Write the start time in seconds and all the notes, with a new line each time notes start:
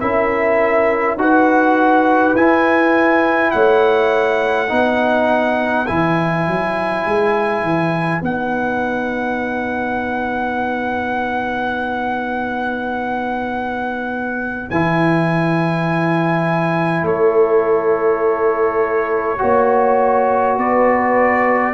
0.00 C#4 E4 A#4 E5
1.16 D#4 F#4 B4 F#5
2.34 E4 G#5
3.51 A3 C#5 F#5
4.68 B3 D#4 B4
5.86 E3 E4 G#5
6.47 F#3
7.05 G#3
7.62 E3
8.22 B3 D#4 F#5
14.70 E3 E4 G#5
17.02 A3 A4 C#5
19.38 A#3 F#4 C#5
20.57 B3 B4 D5